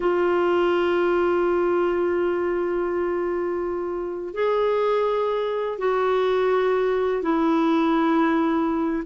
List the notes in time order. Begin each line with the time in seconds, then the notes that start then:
0.00 F4
4.33 G#4
5.78 F#4
7.22 E4